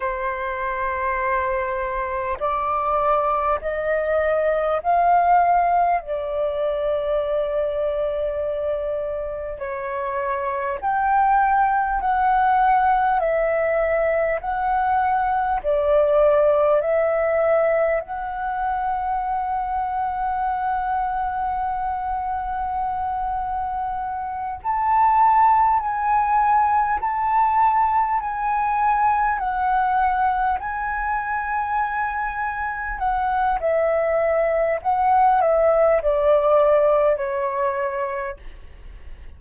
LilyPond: \new Staff \with { instrumentName = "flute" } { \time 4/4 \tempo 4 = 50 c''2 d''4 dis''4 | f''4 d''2. | cis''4 g''4 fis''4 e''4 | fis''4 d''4 e''4 fis''4~ |
fis''1~ | fis''8 a''4 gis''4 a''4 gis''8~ | gis''8 fis''4 gis''2 fis''8 | e''4 fis''8 e''8 d''4 cis''4 | }